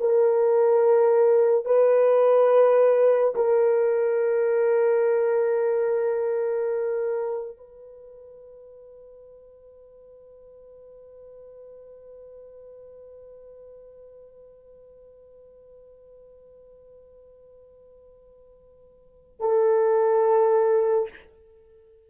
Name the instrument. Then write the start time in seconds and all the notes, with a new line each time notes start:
horn
0.00 A#4
1.65 B4
3.35 A#4
7.57 B4
19.40 A4